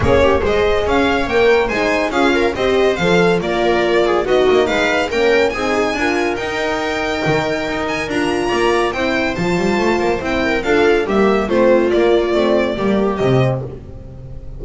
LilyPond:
<<
  \new Staff \with { instrumentName = "violin" } { \time 4/4 \tempo 4 = 141 cis''4 dis''4 f''4 g''4 | gis''4 f''4 dis''4 f''4 | d''2 dis''4 f''4 | g''4 gis''2 g''4~ |
g''2~ g''8 gis''8 ais''4~ | ais''4 g''4 a''2 | g''4 f''4 e''4 c''4 | d''2. dis''4 | }
  \new Staff \with { instrumentName = "viola" } { \time 4/4 gis'8 g'8 c''4 cis''2 | c''4 gis'8 ais'8 c''2 | ais'4. gis'8 fis'4 b'4 | ais'4 gis'4 ais'2~ |
ais'1 | d''4 c''2.~ | c''8 ais'8 a'4 g'4 f'4~ | f'2 g'2 | }
  \new Staff \with { instrumentName = "horn" } { \time 4/4 cis'4 gis'2 ais'4 | dis'4 f'4 g'4 a'4 | f'2 dis'2 | cis'4 dis'4 f'4 dis'4~ |
dis'2. f'4~ | f'4 e'4 f'2 | e'4 f'4 ais4 c'4 | ais4 c'4 ais4 c'4 | }
  \new Staff \with { instrumentName = "double bass" } { \time 4/4 ais4 gis4 cis'4 ais4 | gis4 cis'4 c'4 f4 | ais2 b8 ais8 gis4 | ais4 c'4 d'4 dis'4~ |
dis'4 dis4 dis'4 d'4 | ais4 c'4 f8 g8 a8 ais8 | c'4 d'4 g4 a4 | ais4 a4 g4 c4 | }
>>